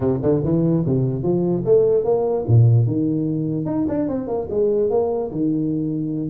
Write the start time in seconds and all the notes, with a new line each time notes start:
0.00 C3
0.22 D3
0.43 E3
0.86 C3
1.22 F3
1.65 A3
2.04 A#3
2.47 A#2
2.86 D#3
3.65 D#4
3.88 D4
4.08 C4
4.27 A#3
4.50 G#3
4.89 A#3
5.31 D#3